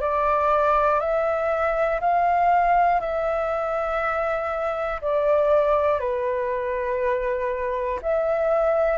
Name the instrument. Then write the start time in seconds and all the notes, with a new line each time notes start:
flute
0.00 D5
1.00 E5
2.00 F5
3.00 E5
5.01 D5
6.00 B4
8.02 E5